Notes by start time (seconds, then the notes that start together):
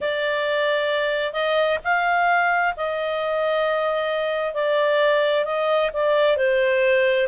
0.00 D5
1.33 D#5
1.83 F5
2.76 D#5
4.54 D5
5.45 D#5
5.93 D5
6.36 C5